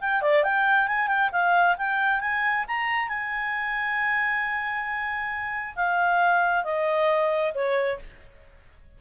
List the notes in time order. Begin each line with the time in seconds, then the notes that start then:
0.00 G5
0.21 D5
0.43 G5
0.87 G#5
1.07 G5
1.32 F5
1.77 G5
2.20 G#5
2.67 A#5
3.08 G#5
5.75 F5
6.64 D#5
7.54 C#5